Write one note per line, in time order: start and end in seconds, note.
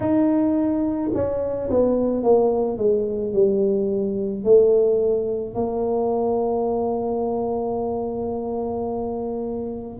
0.00 1.11 D#4
1.14 1.69 C#4
1.70 2.23 B3
2.23 2.77 A#3
2.77 3.33 G#3
3.33 4.43 G3
4.43 5.54 A3
5.54 9.98 A#3